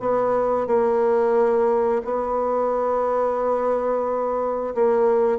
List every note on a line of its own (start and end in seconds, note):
0.00 0.67 B3
0.67 2.02 A#3
2.05 4.74 B3
4.75 5.39 A#3